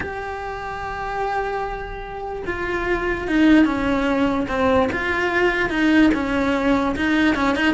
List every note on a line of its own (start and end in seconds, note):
0.00 2.42 G4
2.46 3.27 F4
3.27 3.65 D#4
3.65 4.46 C#4
4.48 4.89 C4
4.91 5.69 F4
5.69 6.10 D#4
6.14 6.95 C#4
6.96 7.35 D#4
7.35 7.55 C#4
7.55 7.74 D#4